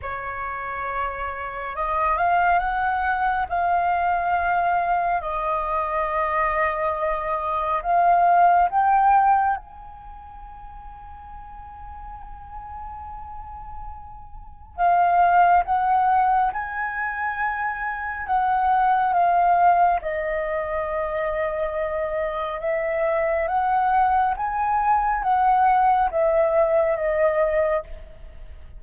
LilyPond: \new Staff \with { instrumentName = "flute" } { \time 4/4 \tempo 4 = 69 cis''2 dis''8 f''8 fis''4 | f''2 dis''2~ | dis''4 f''4 g''4 gis''4~ | gis''1~ |
gis''4 f''4 fis''4 gis''4~ | gis''4 fis''4 f''4 dis''4~ | dis''2 e''4 fis''4 | gis''4 fis''4 e''4 dis''4 | }